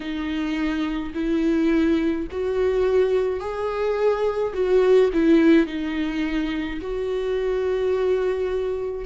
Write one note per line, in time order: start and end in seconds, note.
0.00 1.13 D#4
1.14 2.27 E4
2.31 3.40 F#4
3.40 4.53 G#4
4.53 5.10 F#4
5.13 5.66 E4
5.66 6.79 D#4
6.81 9.05 F#4